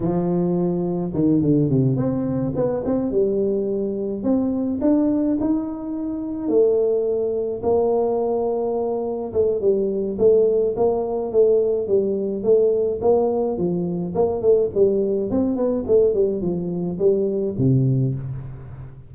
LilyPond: \new Staff \with { instrumentName = "tuba" } { \time 4/4 \tempo 4 = 106 f2 dis8 d8 c8 c'8~ | c'8 b8 c'8 g2 c'8~ | c'8 d'4 dis'2 a8~ | a4. ais2~ ais8~ |
ais8 a8 g4 a4 ais4 | a4 g4 a4 ais4 | f4 ais8 a8 g4 c'8 b8 | a8 g8 f4 g4 c4 | }